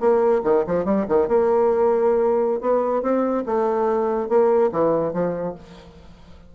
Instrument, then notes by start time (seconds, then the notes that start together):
bassoon
0.00 A#3
0.44 D#3
0.67 F3
0.85 G3
1.09 D#3
1.28 A#3
2.61 B3
3.02 C4
3.46 A3
4.29 A#3
4.72 E3
5.13 F3